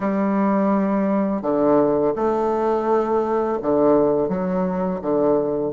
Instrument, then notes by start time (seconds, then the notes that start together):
bassoon
0.00 G3
1.42 D3
2.15 A3
3.61 D3
4.28 F#3
5.01 D3